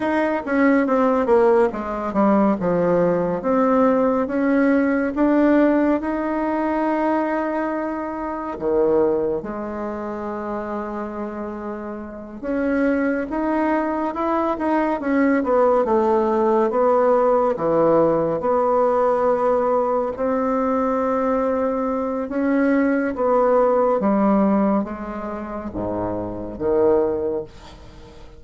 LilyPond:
\new Staff \with { instrumentName = "bassoon" } { \time 4/4 \tempo 4 = 70 dis'8 cis'8 c'8 ais8 gis8 g8 f4 | c'4 cis'4 d'4 dis'4~ | dis'2 dis4 gis4~ | gis2~ gis8 cis'4 dis'8~ |
dis'8 e'8 dis'8 cis'8 b8 a4 b8~ | b8 e4 b2 c'8~ | c'2 cis'4 b4 | g4 gis4 gis,4 dis4 | }